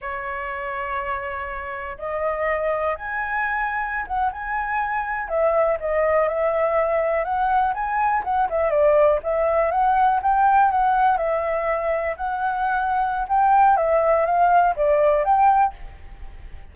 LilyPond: \new Staff \with { instrumentName = "flute" } { \time 4/4 \tempo 4 = 122 cis''1 | dis''2 gis''2~ | gis''16 fis''8 gis''2 e''4 dis''16~ | dis''8. e''2 fis''4 gis''16~ |
gis''8. fis''8 e''8 d''4 e''4 fis''16~ | fis''8. g''4 fis''4 e''4~ e''16~ | e''8. fis''2~ fis''16 g''4 | e''4 f''4 d''4 g''4 | }